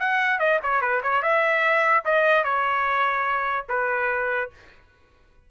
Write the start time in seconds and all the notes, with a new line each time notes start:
0.00 F#5
0.40 D#5
0.63 C#5
0.82 B4
1.03 C#5
1.23 E5
2.05 D#5
2.45 C#5
3.69 B4